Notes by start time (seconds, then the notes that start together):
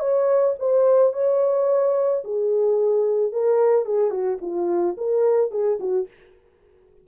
0.00 C#5
0.60 C5
1.14 C#5
2.24 G#4
3.33 A#4
3.86 G#4
4.11 F#4
4.42 F4
4.98 A#4
5.51 G#4
5.80 F#4